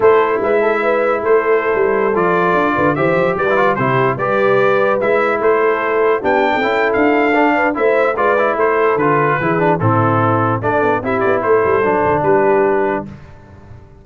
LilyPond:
<<
  \new Staff \with { instrumentName = "trumpet" } { \time 4/4 \tempo 4 = 147 c''4 e''2 c''4~ | c''4~ c''16 d''2 e''8.~ | e''16 d''4 c''4 d''4.~ d''16~ | d''16 e''4 c''2 g''8.~ |
g''4 f''2 e''4 | d''4 c''4 b'2 | a'2 d''4 e''8 d''8 | c''2 b'2 | }
  \new Staff \with { instrumentName = "horn" } { \time 4/4 a'4 b'8 a'8 b'4 a'4~ | a'2~ a'8. b'8 c''8.~ | c''16 b'4 g'4 b'4.~ b'16~ | b'4~ b'16 a'2 g'8. |
a'2~ a'8 b'8 c''4 | b'4 a'2 gis'4 | e'2 a'4 g'4 | a'2 g'2 | }
  \new Staff \with { instrumentName = "trombone" } { \time 4/4 e'1~ | e'4~ e'16 f'2 g'8.~ | g'8 e'16 f'8 e'4 g'4.~ g'16~ | g'16 e'2. d'8.~ |
d'16 e'4.~ e'16 d'4 e'4 | f'8 e'4. f'4 e'8 d'8 | c'2 d'4 e'4~ | e'4 d'2. | }
  \new Staff \with { instrumentName = "tuba" } { \time 4/4 a4 gis2 a4~ | a16 g4 f4 d'8 d8 e8 f16~ | f16 g4 c4 g4.~ g16~ | g16 gis4 a2 b8. |
c'16 cis'8. d'2 a4 | gis4 a4 d4 e4 | a,2 a8 b8 c'8 b8 | a8 g8 fis8 d8 g2 | }
>>